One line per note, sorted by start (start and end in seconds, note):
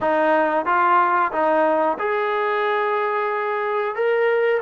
0.00 0.65 D#4
0.65 1.31 F4
1.32 1.98 D#4
1.98 3.95 G#4
3.95 4.61 A#4